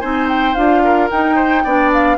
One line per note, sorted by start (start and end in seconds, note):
0.00 0.56 C4
0.00 0.56 D#4
0.00 0.82 C5
0.00 0.27 G#5
0.28 0.54 G5
0.54 1.10 D4
0.54 1.10 F4
0.54 1.08 F5
0.84 1.36 A#4
1.11 1.65 D#4
1.11 1.66 D#4
1.11 1.92 G5
1.36 1.63 C5
1.64 2.18 B3
1.64 2.18 D4
1.64 2.18 D5
1.93 2.18 F5